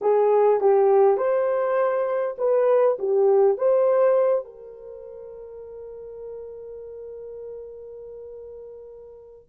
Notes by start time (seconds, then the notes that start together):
0.01 G#4
0.60 G4
1.17 C5
2.38 B4
2.99 G4
3.57 C5
4.44 A#4